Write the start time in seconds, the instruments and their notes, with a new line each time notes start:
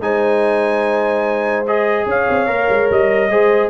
0.00 tuba G#3, trombone D#4, horn C5, trumpet G#5
1.67 trombone G#4, trumpet D#5
2.06 tuba C#4, horn C#5, trumpet F5
2.29 tuba C4
2.47 tuba A#3, trombone A#4
2.69 tuba G#3
2.90 tuba G3, trumpet D#5
3.29 tuba G#3, trombone G#4, horn C5